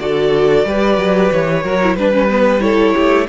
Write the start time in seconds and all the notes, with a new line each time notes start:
0.00 D3 F#4 A4 D5
0.65 G3 G4 B4
0.98 F#3
1.33 E3 C#5
1.64 F#3 F#4 A#4
1.83 E4
1.96 G3 D4 B4
2.13 C#4
2.30 B3
2.61 E4 A4 C#5
2.95 A3 G4